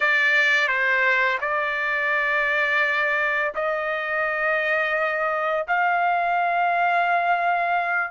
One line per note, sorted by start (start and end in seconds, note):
0.00 0.67 D5
0.67 1.38 C5
1.41 3.52 D5
3.54 5.66 D#5
5.67 8.11 F5